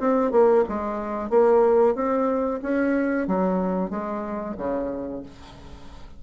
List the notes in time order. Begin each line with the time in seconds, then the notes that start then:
0.00 C4
0.32 A#3
0.69 G#3
1.30 A#3
1.95 C4
2.62 C#4
3.28 F#3
3.90 G#3
4.57 C#3